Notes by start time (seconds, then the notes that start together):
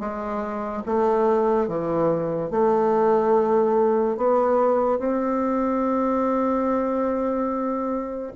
0.00 G#3
0.86 A3
1.68 E3
2.51 A3
4.17 B3
4.99 C4